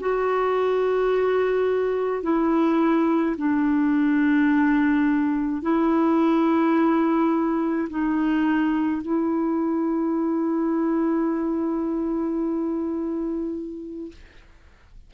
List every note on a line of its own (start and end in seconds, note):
0.00 2.23 F#4
2.23 3.36 E4
3.37 5.62 D4
5.62 7.88 E4
7.90 9.02 D#4
9.02 14.11 E4